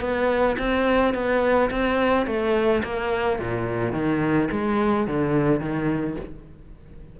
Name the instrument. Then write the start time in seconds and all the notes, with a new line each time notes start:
cello
0.00 B3
0.58 C4
1.14 B3
1.70 C4
2.26 A3
2.83 A#3
3.39 A#2
3.92 D#3
4.51 G#3
5.07 D3
5.60 D#3